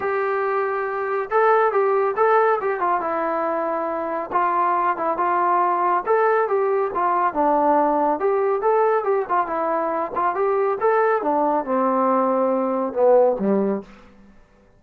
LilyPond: \new Staff \with { instrumentName = "trombone" } { \time 4/4 \tempo 4 = 139 g'2. a'4 | g'4 a'4 g'8 f'8 e'4~ | e'2 f'4. e'8 | f'2 a'4 g'4 |
f'4 d'2 g'4 | a'4 g'8 f'8 e'4. f'8 | g'4 a'4 d'4 c'4~ | c'2 b4 g4 | }